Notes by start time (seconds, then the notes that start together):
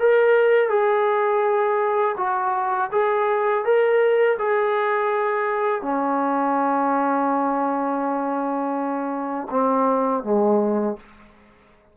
0.00 A#4
0.70 G#4
2.18 F#4
2.92 G#4
3.65 A#4
4.39 G#4
5.82 C#4
9.51 C4
10.24 G#3